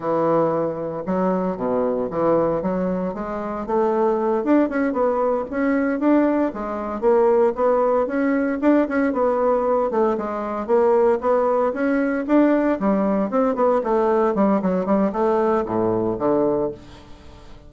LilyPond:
\new Staff \with { instrumentName = "bassoon" } { \time 4/4 \tempo 4 = 115 e2 fis4 b,4 | e4 fis4 gis4 a4~ | a8 d'8 cis'8 b4 cis'4 d'8~ | d'8 gis4 ais4 b4 cis'8~ |
cis'8 d'8 cis'8 b4. a8 gis8~ | gis8 ais4 b4 cis'4 d'8~ | d'8 g4 c'8 b8 a4 g8 | fis8 g8 a4 a,4 d4 | }